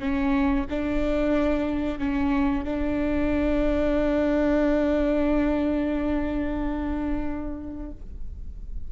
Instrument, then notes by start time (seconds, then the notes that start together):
viola
0.00 C#4
0.70 D4
1.99 C#4
2.65 D4